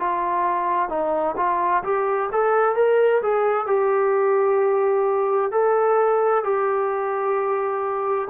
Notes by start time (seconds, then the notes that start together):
0.00 F4
0.89 D#4
1.37 F4
1.84 G4
2.33 A4
2.76 A#4
3.23 G#4
3.67 G4
5.52 A4
6.44 G4